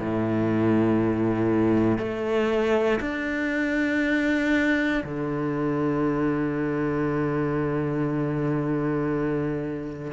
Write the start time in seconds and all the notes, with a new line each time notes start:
0.00 A2
1.98 A3
3.00 D4
5.04 D3